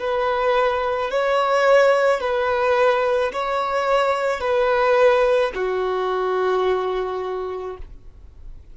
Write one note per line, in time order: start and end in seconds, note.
0.00 1.11 B4
1.11 2.21 C#5
2.21 3.32 B4
3.33 4.41 C#5
4.41 5.52 B4
5.55 7.77 F#4